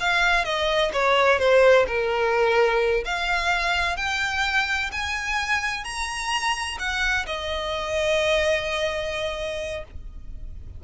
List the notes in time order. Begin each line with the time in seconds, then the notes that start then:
0.00 F5
0.45 D#5
0.93 C#5
1.39 C5
1.87 A#4
3.05 F5
3.97 G5
4.92 G#5
5.84 A#5
6.79 F#5
7.26 D#5